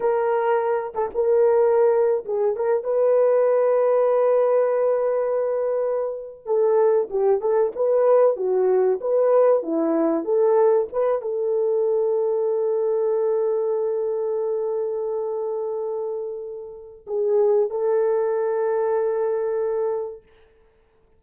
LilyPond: \new Staff \with { instrumentName = "horn" } { \time 4/4 \tempo 4 = 95 ais'4. a'16 ais'4.~ ais'16 gis'8 | ais'8 b'2.~ b'8~ | b'2~ b'16 a'4 g'8 a'16~ | a'16 b'4 fis'4 b'4 e'8.~ |
e'16 a'4 b'8 a'2~ a'16~ | a'1~ | a'2. gis'4 | a'1 | }